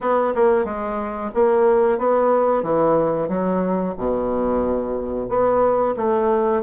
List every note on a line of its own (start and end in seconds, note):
0.00 0.33 B3
0.35 0.64 A#3
0.64 1.30 G#3
1.34 1.98 A#3
1.98 2.62 B3
2.62 3.28 E3
3.28 3.94 F#3
3.97 5.28 B2
5.28 5.94 B3
5.96 6.62 A3